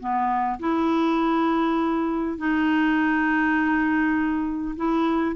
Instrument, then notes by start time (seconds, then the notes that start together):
clarinet
0.00 B3
0.60 E4
2.38 D#4
4.76 E4